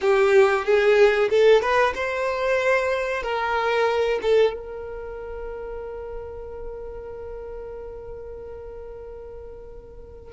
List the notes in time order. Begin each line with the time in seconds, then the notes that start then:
0.01 G4
0.65 G#4
1.29 A4
1.61 B4
1.94 C5
3.22 A#4
4.21 A4
4.53 A#4